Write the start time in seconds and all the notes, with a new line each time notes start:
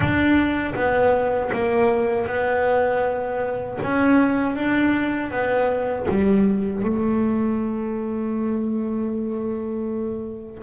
0.00 D4
0.74 B3
1.53 A#3
2.26 B3
3.82 C#4
4.55 D4
5.31 B3
6.08 G3
6.83 A3